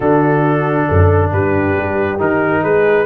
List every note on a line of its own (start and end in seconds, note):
0.00 0.87 D3
0.00 2.18 D4
0.00 0.87 F#4
0.00 1.31 A4
0.88 1.30 F#2
0.88 1.31 A4
1.30 1.74 G2
1.30 2.62 G4
1.30 2.20 B4
1.77 2.19 G3
2.18 2.63 D#3
2.18 3.05 D#4
2.18 2.63 A#4
2.62 3.05 G#3
2.62 3.05 G#4
2.62 3.05 B4